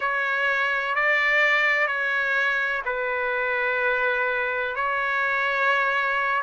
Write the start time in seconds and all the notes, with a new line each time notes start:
0.00 C#5
0.95 D5
1.87 C#5
2.85 B4
4.75 C#5